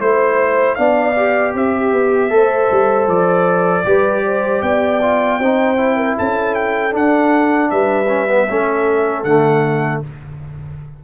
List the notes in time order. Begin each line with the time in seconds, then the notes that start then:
0.00 A3 E4 C5
0.75 B3 D4 D5 F5
1.16 G4
1.54 C4 G4 E5
1.92 B3
2.30 A3 A4 C5
2.71 G3
3.08 F3 D5
3.85 G3 G4 B4
4.25 C5
4.62 B3 D5 G5
5.02 F4
5.39 C4 D#4 C5
5.77 E4
5.96 A#4
6.18 C#4 A4 A5
6.54 G5
6.91 D4 F#5
7.70 G3 B4 E5
8.08 C#4
8.29 B3
8.48 A3 C#4 A4
9.24 D3 A3 F#5